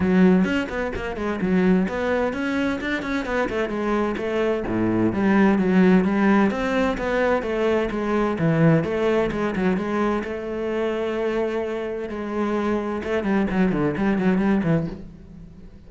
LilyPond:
\new Staff \with { instrumentName = "cello" } { \time 4/4 \tempo 4 = 129 fis4 cis'8 b8 ais8 gis8 fis4 | b4 cis'4 d'8 cis'8 b8 a8 | gis4 a4 a,4 g4 | fis4 g4 c'4 b4 |
a4 gis4 e4 a4 | gis8 fis8 gis4 a2~ | a2 gis2 | a8 g8 fis8 d8 g8 fis8 g8 e8 | }